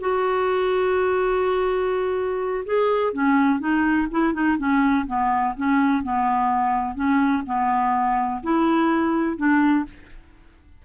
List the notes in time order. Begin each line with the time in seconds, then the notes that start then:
0.00 F#4
2.65 G#4
3.13 C#4
3.59 D#4
4.11 E4
4.33 D#4
4.58 C#4
5.07 B3
5.57 C#4
6.03 B3
6.95 C#4
7.46 B3
8.43 E4
9.37 D4